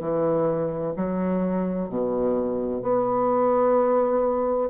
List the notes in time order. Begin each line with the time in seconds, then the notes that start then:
0.00 E3
0.96 F#3
1.89 B2
2.82 B3